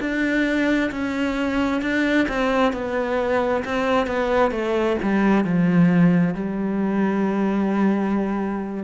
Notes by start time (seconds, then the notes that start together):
0.00 D4
0.91 C#4
1.82 D4
2.28 C4
2.73 B3
3.64 C4
4.07 B3
4.51 A3
5.02 G3
5.45 F3
6.35 G3